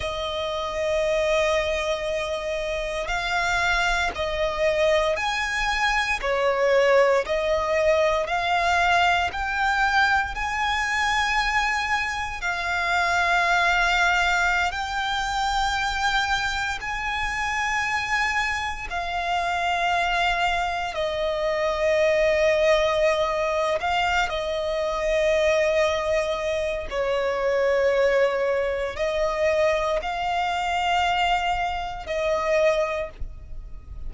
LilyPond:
\new Staff \with { instrumentName = "violin" } { \time 4/4 \tempo 4 = 58 dis''2. f''4 | dis''4 gis''4 cis''4 dis''4 | f''4 g''4 gis''2 | f''2~ f''16 g''4.~ g''16~ |
g''16 gis''2 f''4.~ f''16~ | f''16 dis''2~ dis''8. f''8 dis''8~ | dis''2 cis''2 | dis''4 f''2 dis''4 | }